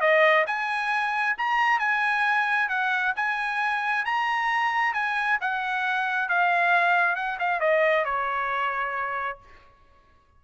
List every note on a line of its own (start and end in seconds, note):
0.00 0.45 D#5
0.47 1.36 G#5
1.37 1.79 A#5
1.79 2.68 G#5
2.68 3.13 F#5
3.16 4.05 G#5
4.05 4.93 A#5
4.93 5.38 G#5
5.41 6.28 F#5
6.28 7.15 F5
7.15 7.38 F#5
7.39 7.60 F5
7.60 8.04 D#5
8.04 9.39 C#5